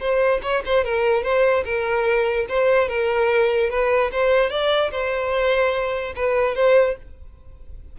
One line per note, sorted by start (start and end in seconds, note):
0.00 0.41 C5
0.43 0.63 C#5
0.66 0.84 C5
0.84 1.23 A#4
1.23 1.64 C5
1.65 2.46 A#4
2.49 2.88 C5
2.88 3.70 A#4
3.70 4.11 B4
4.12 4.50 C5
4.50 4.91 D5
4.91 6.14 C5
6.16 6.55 B4
6.55 6.96 C5